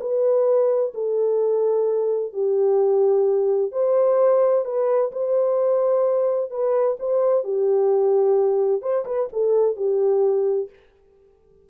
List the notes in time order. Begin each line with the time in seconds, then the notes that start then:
0.00 B4
0.94 A4
2.33 G4
3.72 C5
4.65 B4
5.12 C5
6.51 B4
7.00 C5
7.44 G4
8.82 C5
9.05 B4
9.33 A4
9.76 G4